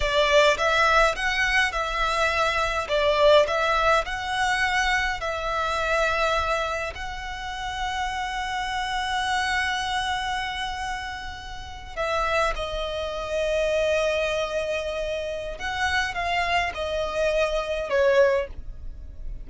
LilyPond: \new Staff \with { instrumentName = "violin" } { \time 4/4 \tempo 4 = 104 d''4 e''4 fis''4 e''4~ | e''4 d''4 e''4 fis''4~ | fis''4 e''2. | fis''1~ |
fis''1~ | fis''8. e''4 dis''2~ dis''16~ | dis''2. fis''4 | f''4 dis''2 cis''4 | }